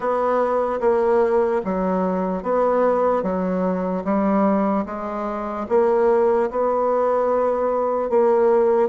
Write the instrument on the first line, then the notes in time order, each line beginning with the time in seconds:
bassoon
0.00 B3
0.80 A#3
1.64 F#3
2.43 B3
3.22 F#3
4.04 G3
4.85 G#3
5.69 A#3
6.50 B3
8.09 A#3